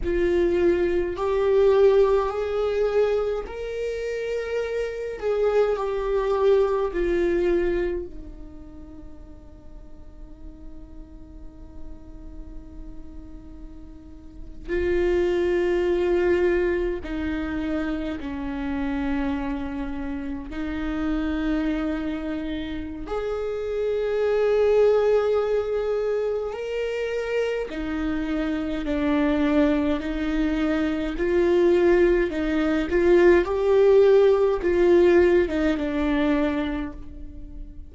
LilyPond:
\new Staff \with { instrumentName = "viola" } { \time 4/4 \tempo 4 = 52 f'4 g'4 gis'4 ais'4~ | ais'8 gis'8 g'4 f'4 dis'4~ | dis'1~ | dis'8. f'2 dis'4 cis'16~ |
cis'4.~ cis'16 dis'2~ dis'16 | gis'2. ais'4 | dis'4 d'4 dis'4 f'4 | dis'8 f'8 g'4 f'8. dis'16 d'4 | }